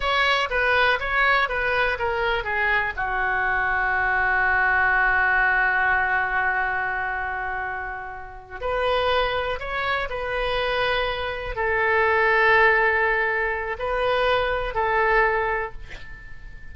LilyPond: \new Staff \with { instrumentName = "oboe" } { \time 4/4 \tempo 4 = 122 cis''4 b'4 cis''4 b'4 | ais'4 gis'4 fis'2~ | fis'1~ | fis'1~ |
fis'4. b'2 cis''8~ | cis''8 b'2. a'8~ | a'1 | b'2 a'2 | }